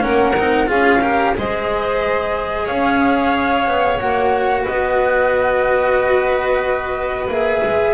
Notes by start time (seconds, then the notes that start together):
0.00 A#3 C#4 A#4 F#5
0.37 C4 D#4
0.67 C#4 F4 G#4 F5
1.01 G4 A#4
1.35 G#3 G#4 C5 D#5
2.65 C#4 C#5 F5
3.67 B3
3.99 A#3 F#4 F#5
4.62 B3 B4 D#5
7.29 A#3 G#4 E5
7.63 G#3